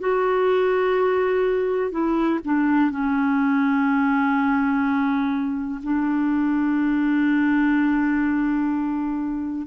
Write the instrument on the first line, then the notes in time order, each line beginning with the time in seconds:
clarinet
0.00 F#4
1.91 E4
2.45 D4
2.91 C#4
5.83 D4